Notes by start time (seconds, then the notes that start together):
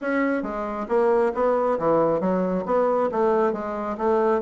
0.01 C#4
0.42 G#3
0.88 A#3
1.34 B3
1.78 E3
2.20 F#3
2.65 B3
3.11 A3
3.53 G#3
3.97 A3